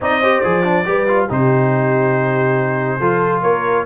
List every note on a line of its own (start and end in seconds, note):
0.00 0.43 C4
0.00 0.22 D#4
0.00 0.21 D5
0.00 0.40 D#5
0.21 0.43 G4
0.21 0.85 C5
0.40 0.86 F3
0.40 0.63 G#4
0.40 1.26 D5
0.63 0.85 D4
0.85 1.29 G3
0.85 1.06 G4
0.85 1.27 B4
1.08 1.29 F4
1.27 2.99 C3
1.27 3.00 D#4
1.27 2.99 G4
1.27 3.42 C5
2.99 3.42 F3
2.99 3.85 F4
2.99 3.41 A4
3.41 3.85 A#3
3.41 3.84 A#4
3.41 3.85 C#5